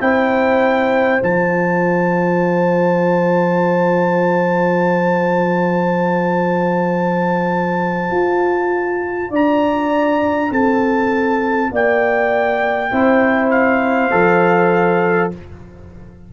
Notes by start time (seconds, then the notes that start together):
0.00 C4 E4 C5 G5
1.20 F3 F4 A5
8.11 F4
9.30 D4 D5 A#5
10.51 C4 A4 A5
11.71 A#3 D5 G5
12.92 C4 E4 C5
13.51 F5
14.12 F3 A4